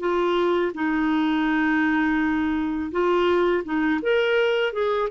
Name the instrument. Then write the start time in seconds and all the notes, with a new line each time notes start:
clarinet
0.00 F4
0.75 D#4
2.92 F4
3.65 D#4
4.02 A#4
4.73 G#4